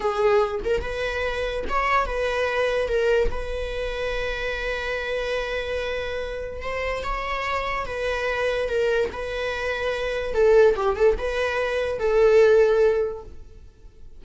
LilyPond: \new Staff \with { instrumentName = "viola" } { \time 4/4 \tempo 4 = 145 gis'4. ais'8 b'2 | cis''4 b'2 ais'4 | b'1~ | b'1 |
c''4 cis''2 b'4~ | b'4 ais'4 b'2~ | b'4 a'4 g'8 a'8 b'4~ | b'4 a'2. | }